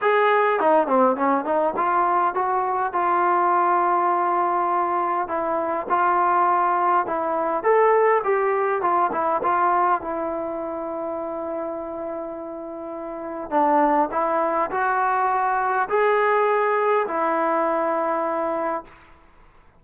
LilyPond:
\new Staff \with { instrumentName = "trombone" } { \time 4/4 \tempo 4 = 102 gis'4 dis'8 c'8 cis'8 dis'8 f'4 | fis'4 f'2.~ | f'4 e'4 f'2 | e'4 a'4 g'4 f'8 e'8 |
f'4 e'2.~ | e'2. d'4 | e'4 fis'2 gis'4~ | gis'4 e'2. | }